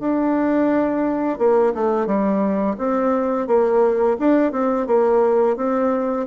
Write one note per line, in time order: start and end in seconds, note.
0.00 1.39 D4
1.39 1.73 A#3
1.75 2.07 A3
2.07 2.76 G3
2.78 3.48 C4
3.48 4.17 A#3
4.20 4.53 D4
4.53 4.87 C4
4.87 5.57 A#3
5.57 6.27 C4